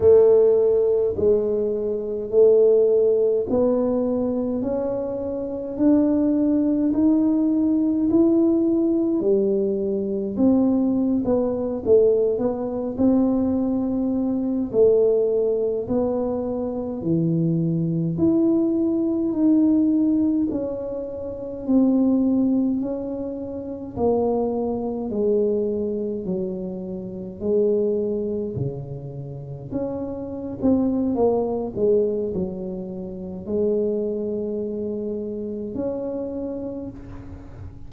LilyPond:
\new Staff \with { instrumentName = "tuba" } { \time 4/4 \tempo 4 = 52 a4 gis4 a4 b4 | cis'4 d'4 dis'4 e'4 | g4 c'8. b8 a8 b8 c'8.~ | c'8. a4 b4 e4 e'16~ |
e'8. dis'4 cis'4 c'4 cis'16~ | cis'8. ais4 gis4 fis4 gis16~ | gis8. cis4 cis'8. c'8 ais8 gis8 | fis4 gis2 cis'4 | }